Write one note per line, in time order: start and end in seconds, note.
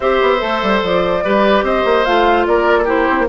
0.00 0.20 C4
0.00 0.37 G4
0.00 1.24 C5
0.00 0.82 E5
0.21 0.42 B3
0.37 0.62 A3
0.37 1.20 A4
0.62 0.82 G3
0.82 1.23 F3
0.82 1.65 D5
1.24 1.62 G3
1.24 2.05 G4
1.24 1.64 B4
1.62 1.83 C4
1.62 2.46 C5
1.62 2.05 D#5
1.84 2.05 A#3
2.05 2.47 A3
2.05 2.85 F4
2.05 2.46 F5
2.46 3.08 A#3
2.46 2.79 A#4
2.46 2.87 D5
2.79 3.25 G4
2.79 2.84 A4
2.85 3.26 E4
2.85 3.28 C5
3.10 3.19 C4
3.19 3.28 A#3